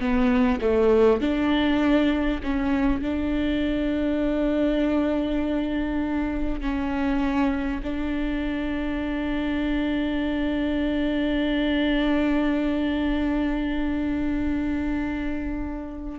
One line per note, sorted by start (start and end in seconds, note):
0.00 0.60 B3
0.61 1.21 A3
1.21 2.41 D4
2.43 3.02 C#4
3.02 6.61 D4
6.61 7.81 C#4
7.83 16.19 D4